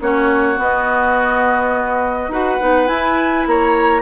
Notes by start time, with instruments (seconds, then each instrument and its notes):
0.00 bassoon A#3, clarinet C#4, oboe F#4, flute C#5
0.56 clarinet B3, bassoon B3, flute D#5
2.28 bassoon D#4, clarinet F#4, oboe B4, flute F#5
2.60 bassoon B3, clarinet D#4
2.86 clarinet E4, bassoon E4, flute G#5
3.46 bassoon A#3, oboe C#5, flute A#5